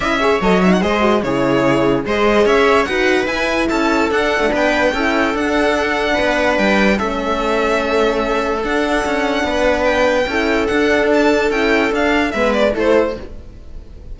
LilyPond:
<<
  \new Staff \with { instrumentName = "violin" } { \time 4/4 \tempo 4 = 146 e''4 dis''8 e''16 fis''16 dis''4 cis''4~ | cis''4 dis''4 e''4 fis''4 | gis''4 a''4 fis''4 g''4~ | g''4 fis''2. |
g''4 e''2.~ | e''4 fis''2. | g''2 fis''4 a''4 | g''4 f''4 e''8 d''8 c''4 | }
  \new Staff \with { instrumentName = "viola" } { \time 4/4 dis''8 cis''4. c''4 gis'4~ | gis'4 c''4 cis''4 b'4~ | b'4 a'2 b'4 | a'2. b'4~ |
b'4 a'2.~ | a'2. b'4~ | b'4 a'2.~ | a'2 b'4 a'4 | }
  \new Staff \with { instrumentName = "horn" } { \time 4/4 e'8 gis'8 a'8 dis'8 gis'8 fis'8 e'4~ | e'4 gis'2 fis'4 | e'2 d'2 | e'4 d'2.~ |
d'4 cis'2.~ | cis'4 d'2.~ | d'4 e'4 d'2 | e'4 d'4 b4 e'4 | }
  \new Staff \with { instrumentName = "cello" } { \time 4/4 cis'4 fis4 gis4 cis4~ | cis4 gis4 cis'4 dis'4 | e'4 cis'4 d'8. a16 b4 | cis'4 d'2 b4 |
g4 a2.~ | a4 d'4 cis'4 b4~ | b4 cis'4 d'2 | cis'4 d'4 gis4 a4 | }
>>